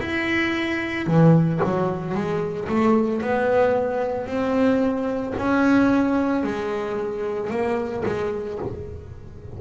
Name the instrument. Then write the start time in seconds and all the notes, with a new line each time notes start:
double bass
0.00 E4
1.07 E3
1.64 F#3
2.15 G#3
2.69 A3
3.21 B3
4.27 C4
5.38 C#4
6.44 G#3
7.50 A#3
8.06 G#3